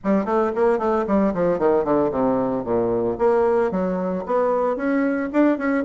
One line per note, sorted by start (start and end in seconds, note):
0.04 0.25 G3
0.25 0.51 A3
0.55 0.78 A#3
0.78 1.05 A3
1.07 1.33 G3
1.34 1.58 F3
1.58 1.84 D#3
1.84 2.10 D3
2.11 2.64 C3
2.64 3.17 A#2
3.18 3.71 A#3
3.71 4.24 F#3
4.26 4.76 B3
4.76 5.29 C#4
5.32 5.58 D4
5.58 5.84 C#4